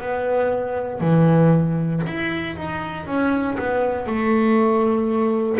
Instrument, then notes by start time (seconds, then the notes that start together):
double bass
0.00 B3
1.00 E3
2.06 E4
2.56 D#4
3.06 C#4
3.58 B3
4.05 A3